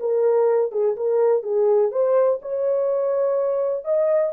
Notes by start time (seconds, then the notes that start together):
0.00 A#4
0.72 G#4
0.96 A#4
1.43 G#4
1.91 C5
2.42 C#5
3.85 D#5